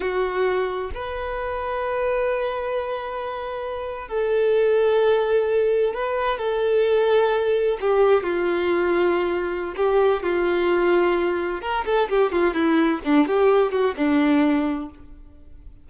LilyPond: \new Staff \with { instrumentName = "violin" } { \time 4/4 \tempo 4 = 129 fis'2 b'2~ | b'1~ | b'8. a'2.~ a'16~ | a'8. b'4 a'2~ a'16~ |
a'8. g'4 f'2~ f'16~ | f'4 g'4 f'2~ | f'4 ais'8 a'8 g'8 f'8 e'4 | d'8 g'4 fis'8 d'2 | }